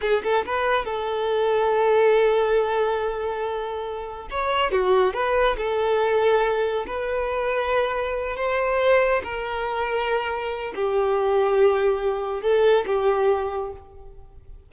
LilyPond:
\new Staff \with { instrumentName = "violin" } { \time 4/4 \tempo 4 = 140 gis'8 a'8 b'4 a'2~ | a'1~ | a'2 cis''4 fis'4 | b'4 a'2. |
b'2.~ b'8 c''8~ | c''4. ais'2~ ais'8~ | ais'4 g'2.~ | g'4 a'4 g'2 | }